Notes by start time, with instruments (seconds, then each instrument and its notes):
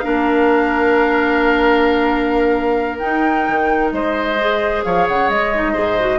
0.00 bassoon A#3, clarinet D4, oboe A#4, flute F5
2.99 clarinet D#4, bassoon D#4, flute G5
3.48 bassoon D#3
3.92 bassoon G#3, oboe C5, flute D#5
4.40 clarinet G#4
4.84 bassoon F3, oboe C#5, flute F5
5.08 bassoon C#3, flute F#5
5.29 bassoon G#3, flute D#5
5.55 clarinet D#4
5.73 bassoon G#2, clarinet G#4, oboe C5
6.00 clarinet F#4